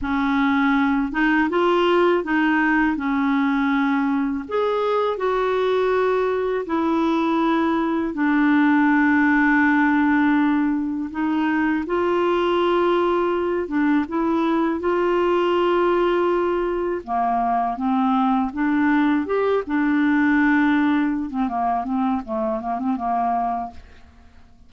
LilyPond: \new Staff \with { instrumentName = "clarinet" } { \time 4/4 \tempo 4 = 81 cis'4. dis'8 f'4 dis'4 | cis'2 gis'4 fis'4~ | fis'4 e'2 d'4~ | d'2. dis'4 |
f'2~ f'8 d'8 e'4 | f'2. ais4 | c'4 d'4 g'8 d'4.~ | d'8. c'16 ais8 c'8 a8 ais16 c'16 ais4 | }